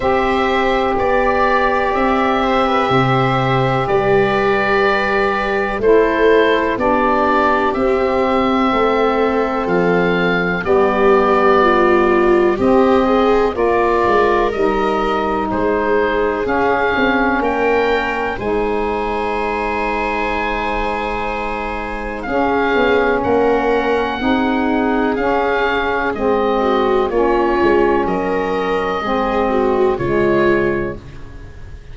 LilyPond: <<
  \new Staff \with { instrumentName = "oboe" } { \time 4/4 \tempo 4 = 62 e''4 d''4 e''2 | d''2 c''4 d''4 | e''2 f''4 d''4~ | d''4 dis''4 d''4 dis''4 |
c''4 f''4 g''4 gis''4~ | gis''2. f''4 | fis''2 f''4 dis''4 | cis''4 dis''2 cis''4 | }
  \new Staff \with { instrumentName = "viola" } { \time 4/4 c''4 d''4. c''16 b'16 c''4 | b'2 a'4 g'4~ | g'4 a'2 g'4 | f'4 g'8 gis'8 ais'2 |
gis'2 ais'4 c''4~ | c''2. gis'4 | ais'4 gis'2~ gis'8 fis'8 | f'4 ais'4 gis'8 fis'8 f'4 | }
  \new Staff \with { instrumentName = "saxophone" } { \time 4/4 g'1~ | g'2 e'4 d'4 | c'2. b4~ | b4 c'4 f'4 dis'4~ |
dis'4 cis'2 dis'4~ | dis'2. cis'4~ | cis'4 dis'4 cis'4 c'4 | cis'2 c'4 gis4 | }
  \new Staff \with { instrumentName = "tuba" } { \time 4/4 c'4 b4 c'4 c4 | g2 a4 b4 | c'4 a4 f4 g4~ | g4 c'4 ais8 gis8 g4 |
gis4 cis'8 c'8 ais4 gis4~ | gis2. cis'8 b8 | ais4 c'4 cis'4 gis4 | ais8 gis8 fis4 gis4 cis4 | }
>>